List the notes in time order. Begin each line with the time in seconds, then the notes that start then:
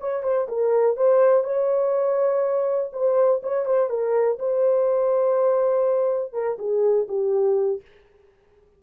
0.00 C#5
0.23 C5
0.48 A#4
0.96 C5
1.44 C#5
2.93 C5
3.43 C#5
3.65 C5
3.89 A#4
4.39 C5
6.33 A#4
6.58 G#4
7.08 G4